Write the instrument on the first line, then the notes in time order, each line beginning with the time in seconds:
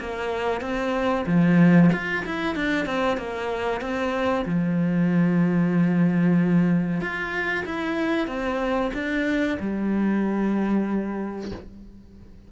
cello
0.00 A#3
0.62 C4
1.27 F3
1.93 F4
2.26 E4
2.56 D4
2.86 C4
3.18 A#3
3.82 C4
4.46 F3
7.01 F4
7.66 E4
8.28 C4
8.94 D4
9.60 G3